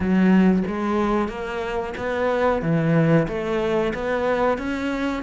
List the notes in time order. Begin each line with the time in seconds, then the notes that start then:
0.00 F#3
0.67 G#3
1.28 A#3
1.97 B3
2.61 E3
3.28 A3
3.94 B3
4.57 C#4